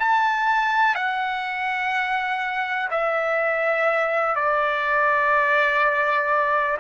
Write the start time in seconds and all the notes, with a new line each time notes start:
0.00 A5
0.95 F#5
2.91 E5
4.35 D5